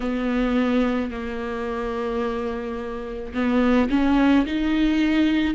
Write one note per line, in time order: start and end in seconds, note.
0.00 1.11 B3
1.11 3.33 A#3
3.33 3.89 B3
3.89 4.45 C#4
4.45 5.54 D#4